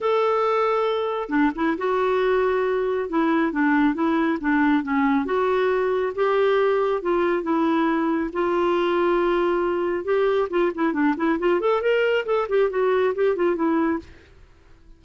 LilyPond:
\new Staff \with { instrumentName = "clarinet" } { \time 4/4 \tempo 4 = 137 a'2. d'8 e'8 | fis'2. e'4 | d'4 e'4 d'4 cis'4 | fis'2 g'2 |
f'4 e'2 f'4~ | f'2. g'4 | f'8 e'8 d'8 e'8 f'8 a'8 ais'4 | a'8 g'8 fis'4 g'8 f'8 e'4 | }